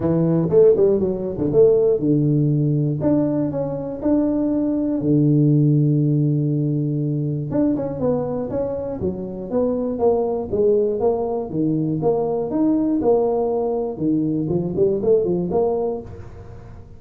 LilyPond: \new Staff \with { instrumentName = "tuba" } { \time 4/4 \tempo 4 = 120 e4 a8 g8 fis8. d16 a4 | d2 d'4 cis'4 | d'2 d2~ | d2. d'8 cis'8 |
b4 cis'4 fis4 b4 | ais4 gis4 ais4 dis4 | ais4 dis'4 ais2 | dis4 f8 g8 a8 f8 ais4 | }